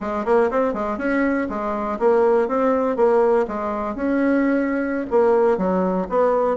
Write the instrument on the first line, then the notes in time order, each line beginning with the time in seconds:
bassoon
0.00 G#3
0.25 A#3
0.50 C4
0.73 G#3
0.97 C#4
1.49 G#3
1.99 A#3
2.47 C4
2.96 A#3
3.47 G#3
3.95 C#4
5.10 A#3
5.57 F#3
6.09 B3